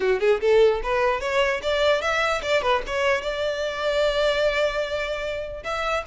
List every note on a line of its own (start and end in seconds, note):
0.00 0.20 F#4
0.20 0.40 G#4
0.40 0.81 A4
0.83 1.20 B4
1.20 1.60 C#5
1.62 2.01 D5
2.01 2.41 E5
2.42 2.62 D5
2.62 2.82 B4
2.86 3.21 C#5
3.21 5.63 D5
5.63 6.03 E5